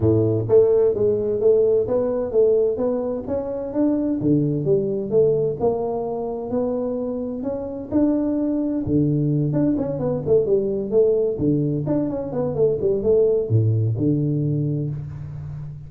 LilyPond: \new Staff \with { instrumentName = "tuba" } { \time 4/4 \tempo 4 = 129 a,4 a4 gis4 a4 | b4 a4 b4 cis'4 | d'4 d4 g4 a4 | ais2 b2 |
cis'4 d'2 d4~ | d8 d'8 cis'8 b8 a8 g4 a8~ | a8 d4 d'8 cis'8 b8 a8 g8 | a4 a,4 d2 | }